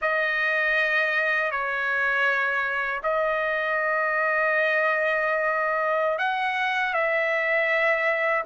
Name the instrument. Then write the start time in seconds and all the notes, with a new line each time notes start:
trumpet
0.01 D#5
1.51 C#5
3.03 D#5
6.18 F#5
6.93 E5